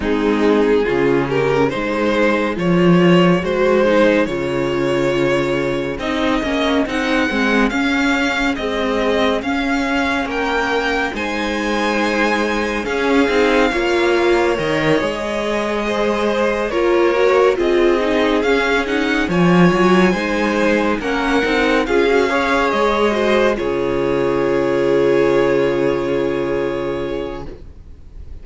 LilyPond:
<<
  \new Staff \with { instrumentName = "violin" } { \time 4/4 \tempo 4 = 70 gis'4. ais'8 c''4 cis''4 | c''4 cis''2 dis''4 | fis''4 f''4 dis''4 f''4 | g''4 gis''2 f''4~ |
f''4 dis''2~ dis''8 cis''8~ | cis''8 dis''4 f''8 fis''8 gis''4.~ | gis''8 fis''4 f''4 dis''4 cis''8~ | cis''1 | }
  \new Staff \with { instrumentName = "violin" } { \time 4/4 dis'4 f'8 g'8 gis'2~ | gis'1~ | gis'1 | ais'4 c''2 gis'4 |
cis''2~ cis''8 c''4 ais'8~ | ais'8 gis'2 cis''4 c''8~ | c''8 ais'4 gis'8 cis''4 c''8 gis'8~ | gis'1 | }
  \new Staff \with { instrumentName = "viola" } { \time 4/4 c'4 cis'4 dis'4 f'4 | fis'8 dis'8 f'2 dis'8 cis'8 | dis'8 c'8 cis'4 gis4 cis'4~ | cis'4 dis'2 cis'8 dis'8 |
f'4 ais'8 gis'2 f'8 | fis'8 f'8 dis'8 cis'8 dis'8 f'4 dis'8~ | dis'8 cis'8 dis'8 f'16 fis'16 gis'4 fis'8 f'8~ | f'1 | }
  \new Staff \with { instrumentName = "cello" } { \time 4/4 gis4 cis4 gis4 f4 | gis4 cis2 c'8 ais8 | c'8 gis8 cis'4 c'4 cis'4 | ais4 gis2 cis'8 c'8 |
ais4 dis8 gis2 ais8~ | ais8 c'4 cis'4 f8 fis8 gis8~ | gis8 ais8 c'8 cis'4 gis4 cis8~ | cis1 | }
>>